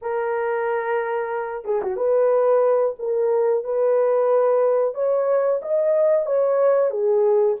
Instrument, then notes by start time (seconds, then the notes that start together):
horn
0.01 A#4
1.65 G#4
1.82 F#4
1.96 B4
2.98 A#4
3.64 B4
4.94 C#5
5.62 D#5
6.26 C#5
6.90 G#4